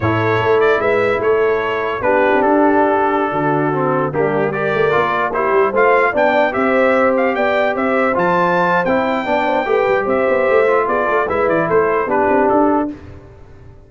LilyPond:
<<
  \new Staff \with { instrumentName = "trumpet" } { \time 4/4 \tempo 4 = 149 cis''4. d''8 e''4 cis''4~ | cis''4 b'4 a'2~ | a'2~ a'16 g'4 d''8.~ | d''4~ d''16 c''4 f''4 g''8.~ |
g''16 e''4. f''8 g''4 e''8.~ | e''16 a''4.~ a''16 g''2~ | g''4 e''2 d''4 | e''8 d''8 c''4 b'4 a'4 | }
  \new Staff \with { instrumentName = "horn" } { \time 4/4 a'2 b'4 a'4~ | a'4 g'2.~ | g'16 fis'2 d'4 ais'8.~ | ais'4~ ais'16 g'4 c''4 d''8.~ |
d''16 c''2 d''4 c''8.~ | c''2. d''8 c''8 | b'4 c''2 gis'8 a'8 | b'4 a'4 g'2 | }
  \new Staff \with { instrumentName = "trombone" } { \time 4/4 e'1~ | e'4 d'2.~ | d'4~ d'16 c'4 ais4 g'8.~ | g'16 f'4 e'4 f'4 d'8.~ |
d'16 g'2.~ g'8.~ | g'16 f'4.~ f'16 e'4 d'4 | g'2~ g'8 f'4. | e'2 d'2 | }
  \new Staff \with { instrumentName = "tuba" } { \time 4/4 a,4 a4 gis4 a4~ | a4 b8. c'16 d'2~ | d'16 d2 g4. a16~ | a16 ais4. g8 a4 b8.~ |
b16 c'2 b4 c'8.~ | c'16 f4.~ f16 c'4 b4 | a8 g8 c'8 b8 a4 b8 a8 | gis8 e8 a4 b8 c'8 d'4 | }
>>